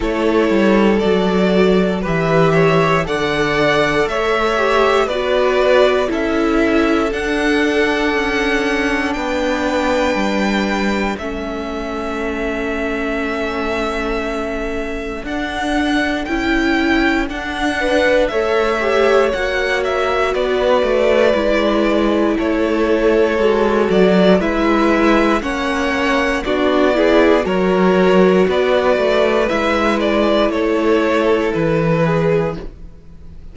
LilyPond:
<<
  \new Staff \with { instrumentName = "violin" } { \time 4/4 \tempo 4 = 59 cis''4 d''4 e''4 fis''4 | e''4 d''4 e''4 fis''4~ | fis''4 g''2 e''4~ | e''2. fis''4 |
g''4 fis''4 e''4 fis''8 e''8 | d''2 cis''4. d''8 | e''4 fis''4 d''4 cis''4 | d''4 e''8 d''8 cis''4 b'4 | }
  \new Staff \with { instrumentName = "violin" } { \time 4/4 a'2 b'8 cis''8 d''4 | cis''4 b'4 a'2~ | a'4 b'2 a'4~ | a'1~ |
a'4. b'8 cis''2 | b'2 a'2 | b'4 cis''4 fis'8 gis'8 ais'4 | b'2 a'4. gis'8 | }
  \new Staff \with { instrumentName = "viola" } { \time 4/4 e'4 fis'4 g'4 a'4~ | a'8 g'8 fis'4 e'4 d'4~ | d'2. cis'4~ | cis'2. d'4 |
e'4 d'4 a'8 g'8 fis'4~ | fis'4 e'2 fis'4 | e'4 cis'4 d'8 e'8 fis'4~ | fis'4 e'2. | }
  \new Staff \with { instrumentName = "cello" } { \time 4/4 a8 g8 fis4 e4 d4 | a4 b4 cis'4 d'4 | cis'4 b4 g4 a4~ | a2. d'4 |
cis'4 d'4 a4 ais4 | b8 a8 gis4 a4 gis8 fis8 | gis4 ais4 b4 fis4 | b8 a8 gis4 a4 e4 | }
>>